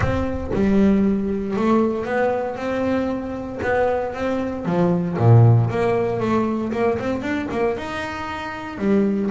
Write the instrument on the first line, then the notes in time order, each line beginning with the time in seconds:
double bass
0.00 C4
0.53 G3
1.56 A3
2.05 B3
2.56 C4
3.62 B3
4.14 C4
4.65 F3
5.17 A#2
5.69 A#3
6.20 A3
6.72 A#3
6.99 C4
7.22 D4
7.51 A#3
7.77 D#4
8.78 G3